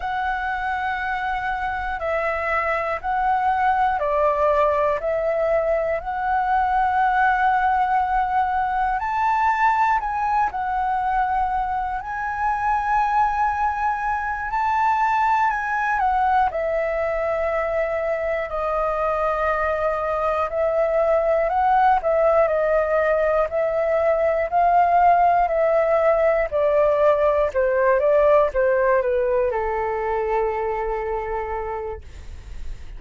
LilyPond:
\new Staff \with { instrumentName = "flute" } { \time 4/4 \tempo 4 = 60 fis''2 e''4 fis''4 | d''4 e''4 fis''2~ | fis''4 a''4 gis''8 fis''4. | gis''2~ gis''8 a''4 gis''8 |
fis''8 e''2 dis''4.~ | dis''8 e''4 fis''8 e''8 dis''4 e''8~ | e''8 f''4 e''4 d''4 c''8 | d''8 c''8 b'8 a'2~ a'8 | }